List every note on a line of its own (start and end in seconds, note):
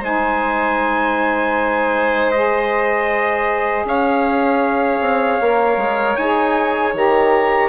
0.00 3.84 G#3
0.00 2.33 D#4
0.00 3.85 C5
0.00 2.31 G#5
2.31 5.42 G#4
2.31 3.85 D#5
3.84 5.00 C#4
3.84 7.69 C#5
3.84 6.16 F5
5.00 5.39 C4
5.40 5.77 A#3
5.40 6.19 A#4
5.77 6.15 G#3
6.16 6.94 D#4
6.16 6.94 G#4
6.16 6.93 G#5
6.94 7.69 D#3
6.94 7.69 G4
6.94 7.69 A#5